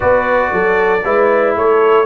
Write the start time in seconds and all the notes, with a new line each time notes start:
0.00 B3 F#4 B4 D5
0.51 F#3 A4
1.04 G#3 E4 B4
1.56 A3 A4 C#5